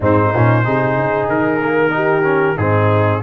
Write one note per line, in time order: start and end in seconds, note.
0.00 0.31 G#2
0.00 0.34 C4
0.00 0.62 D#4
0.00 1.28 C5
0.34 0.66 A#2
0.34 0.65 C#4
0.62 0.95 C3
0.62 1.60 D#4
0.62 1.92 G#4
0.95 1.28 C#3
1.28 2.57 D#3
1.28 2.57 A#4
1.60 1.90 A#3
1.90 2.22 D#4
1.90 2.56 G4
2.23 2.55 C#4
2.56 3.22 G#2
2.56 3.22 C4
2.56 3.21 D#4
2.56 3.22 G#4